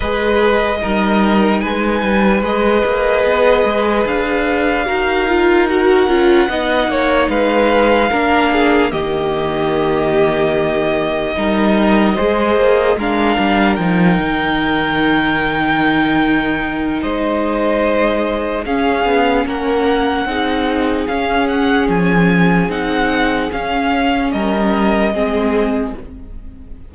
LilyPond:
<<
  \new Staff \with { instrumentName = "violin" } { \time 4/4 \tempo 4 = 74 dis''2 gis''4 dis''4~ | dis''4 f''2 fis''4~ | fis''4 f''2 dis''4~ | dis''1 |
f''4 g''2.~ | g''4 dis''2 f''4 | fis''2 f''8 fis''8 gis''4 | fis''4 f''4 dis''2 | }
  \new Staff \with { instrumentName = "violin" } { \time 4/4 b'4 ais'4 b'2~ | b'2 ais'2 | dis''8 cis''8 b'4 ais'8 gis'8 g'4~ | g'2 ais'4 c''4 |
ais'1~ | ais'4 c''2 gis'4 | ais'4 gis'2.~ | gis'2 ais'4 gis'4 | }
  \new Staff \with { instrumentName = "viola" } { \time 4/4 gis'4 dis'2 gis'4~ | gis'2 fis'8 f'8 fis'8 f'8 | dis'2 d'4 ais4~ | ais2 dis'4 gis'4 |
d'4 dis'2.~ | dis'2. cis'4~ | cis'4 dis'4 cis'2 | dis'4 cis'2 c'4 | }
  \new Staff \with { instrumentName = "cello" } { \time 4/4 gis4 g4 gis8 g8 gis8 ais8 | b8 gis8 d'4 dis'4. cis'8 | b8 ais8 gis4 ais4 dis4~ | dis2 g4 gis8 ais8 |
gis8 g8 f8 dis2~ dis8~ | dis4 gis2 cis'8 b8 | ais4 c'4 cis'4 f4 | c'4 cis'4 g4 gis4 | }
>>